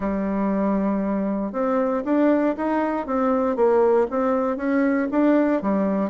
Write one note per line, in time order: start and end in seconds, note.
0.00 1.52 G3
1.52 2.03 C4
2.04 2.55 D4
2.56 3.06 D#4
3.06 3.56 C4
3.56 4.07 A#3
4.10 4.56 C4
4.56 5.07 C#4
5.11 5.62 D4
5.62 6.10 G3